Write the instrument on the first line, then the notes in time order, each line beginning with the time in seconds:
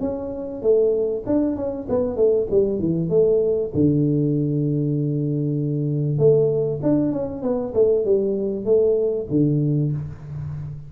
tuba
0.00 C#4
0.62 A3
1.26 D4
1.56 C#4
1.89 B3
2.16 A3
2.51 G3
2.79 E3
3.09 A3
3.74 D3
6.18 A3
6.82 D4
7.12 C#4
7.42 B3
7.74 A3
8.05 G3
8.65 A3
9.30 D3